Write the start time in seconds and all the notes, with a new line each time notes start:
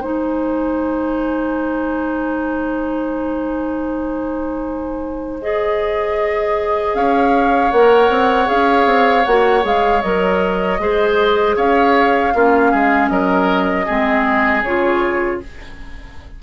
0.00 G#3 D#4 C5 G#5
5.42 G#4 D#5
6.94 C#4 C#5 F5
7.72 A#3 A#4 F#5
8.10 C4
8.46 C#4 G#4 F5
8.86 C4
9.25 A#3 F#4 F#5
9.61 G#3 G#4 F5
10.02 F#3 A#4 D#5
10.79 G#3 G#4 C5
11.56 C#4 C#5 F5
12.33 A#3 C#4 F4
12.71 G#3 G#4
13.09 F#3 A#4 D#5
13.86 G#3 C4 G#4
14.63 C#3 F4 C#5